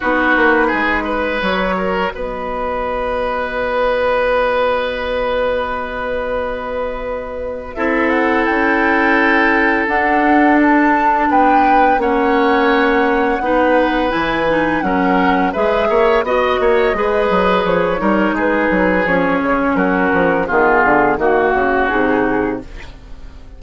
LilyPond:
<<
  \new Staff \with { instrumentName = "flute" } { \time 4/4 \tempo 4 = 85 b'2 cis''4 dis''4~ | dis''1~ | dis''2. e''8 fis''8 | g''2 fis''4 a''4 |
g''4 fis''2. | gis''4 fis''4 e''4 dis''4~ | dis''4 cis''4 b'4 cis''4 | ais'4 gis'4 fis'4 gis'4 | }
  \new Staff \with { instrumentName = "oboe" } { \time 4/4 fis'4 gis'8 b'4 ais'8 b'4~ | b'1~ | b'2. a'4~ | a'1 |
b'4 cis''2 b'4~ | b'4 ais'4 b'8 cis''8 dis''8 cis''8 | b'4. ais'8 gis'2 | fis'4 f'4 fis'2 | }
  \new Staff \with { instrumentName = "clarinet" } { \time 4/4 dis'2 fis'2~ | fis'1~ | fis'2. e'4~ | e'2 d'2~ |
d'4 cis'2 dis'4 | e'8 dis'8 cis'4 gis'4 fis'4 | gis'4. dis'4. cis'4~ | cis'4 b4 ais4 dis'4 | }
  \new Staff \with { instrumentName = "bassoon" } { \time 4/4 b8 ais8 gis4 fis4 b4~ | b1~ | b2. c'4 | cis'2 d'2 |
b4 ais2 b4 | e4 fis4 gis8 ais8 b8 ais8 | gis8 fis8 f8 g8 gis8 fis8 f8 cis8 | fis8 f8 dis8 d8 dis8 cis8 c4 | }
>>